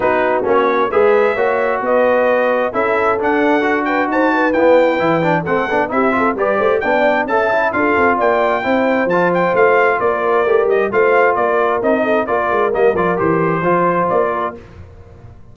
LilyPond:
<<
  \new Staff \with { instrumentName = "trumpet" } { \time 4/4 \tempo 4 = 132 b'4 cis''4 e''2 | dis''2 e''4 fis''4~ | fis''8 g''8 a''4 g''2 | fis''4 e''4 d''4 g''4 |
a''4 f''4 g''2 | a''8 g''8 f''4 d''4. dis''8 | f''4 d''4 dis''4 d''4 | dis''8 d''8 c''2 d''4 | }
  \new Staff \with { instrumentName = "horn" } { \time 4/4 fis'2 b'4 cis''4 | b'2 a'2~ | a'8 b'8 c''8 b'2~ b'8 | a'4 g'8 a'8 b'8 c''8 d''4 |
e''4 a'4 d''4 c''4~ | c''2 ais'2 | c''4 ais'4. a'8 ais'4~ | ais'2 c''4. ais'8 | }
  \new Staff \with { instrumentName = "trombone" } { \time 4/4 dis'4 cis'4 gis'4 fis'4~ | fis'2 e'4 d'4 | fis'2 b4 e'8 d'8 | c'8 d'8 e'8 f'8 g'4 d'4 |
a'8 e'8 f'2 e'4 | f'2. g'4 | f'2 dis'4 f'4 | ais8 f'8 g'4 f'2 | }
  \new Staff \with { instrumentName = "tuba" } { \time 4/4 b4 ais4 gis4 ais4 | b2 cis'4 d'4~ | d'4 dis'4 e'4 e4 | a8 b8 c'4 g8 a8 b4 |
cis'4 d'8 c'8 ais4 c'4 | f4 a4 ais4 a8 g8 | a4 ais4 c'4 ais8 gis8 | g8 f8 e4 f4 ais4 | }
>>